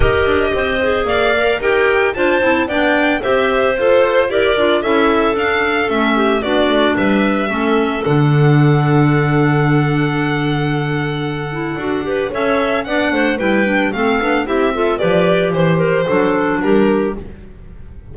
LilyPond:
<<
  \new Staff \with { instrumentName = "violin" } { \time 4/4 \tempo 4 = 112 dis''2 f''4 g''4 | a''4 g''4 e''4 c''4 | d''4 e''4 f''4 e''4 | d''4 e''2 fis''4~ |
fis''1~ | fis''2. e''4 | fis''4 g''4 f''4 e''4 | d''4 c''2 ais'4 | }
  \new Staff \with { instrumentName = "clarinet" } { \time 4/4 ais'4 c''4 d''4 ais'4 | c''4 d''4 c''2 | ais'4 a'2~ a'8 g'8 | fis'4 b'4 a'2~ |
a'1~ | a'2~ a'8 b'8 cis''4 | d''8 c''8 b'4 a'4 g'8 a'8 | b'4 c''8 ais'8 a'4 g'4 | }
  \new Staff \with { instrumentName = "clarinet" } { \time 4/4 g'4. gis'4 ais'8 g'4 | f'8 e'8 d'4 g'4 a'4 | g'8 f'8 e'4 d'4 cis'4 | d'2 cis'4 d'4~ |
d'1~ | d'4. e'8 fis'8 g'8 a'4 | d'4 e'8 d'8 c'8 d'8 e'8 f'8 | g'2 d'2 | }
  \new Staff \with { instrumentName = "double bass" } { \time 4/4 dis'8 d'8 c'4 ais4 dis'4 | d'8 c'8 b4 c'4 f'4 | e'8 d'8 cis'4 d'4 a4 | b8 a8 g4 a4 d4~ |
d1~ | d2 d'4 cis'4 | b8 a8 g4 a8 b8 c'4 | f4 e4 fis4 g4 | }
>>